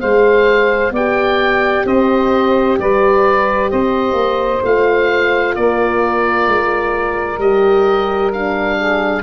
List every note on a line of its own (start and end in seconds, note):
0.00 0.91 G#3
0.00 0.92 G#4
0.00 0.92 C5
0.00 0.92 F5
0.91 1.83 B3
0.91 4.64 G4
0.91 1.84 D5
0.91 1.87 G5
1.85 2.77 C4
1.85 2.78 C5
1.85 2.79 D#5
2.78 3.71 G3
2.78 3.70 B4
2.78 3.70 D5
3.70 4.13 C4
3.70 5.55 C5
3.70 4.63 D#5
4.13 4.59 A#3
4.64 5.56 A3
4.64 7.41 F4
4.64 5.55 F5
5.55 6.47 A#3
5.55 8.77 A#4
5.55 7.40 D5
6.47 7.38 G#3
7.38 9.22 G3
7.38 8.33 G4
7.38 8.32 D#5
8.33 9.22 D4
8.33 9.22 F5
8.77 9.22 G#4